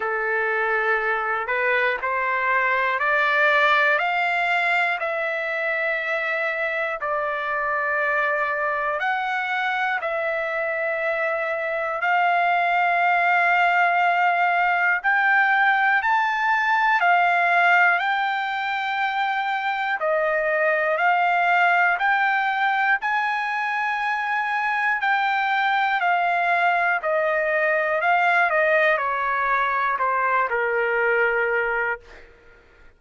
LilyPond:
\new Staff \with { instrumentName = "trumpet" } { \time 4/4 \tempo 4 = 60 a'4. b'8 c''4 d''4 | f''4 e''2 d''4~ | d''4 fis''4 e''2 | f''2. g''4 |
a''4 f''4 g''2 | dis''4 f''4 g''4 gis''4~ | gis''4 g''4 f''4 dis''4 | f''8 dis''8 cis''4 c''8 ais'4. | }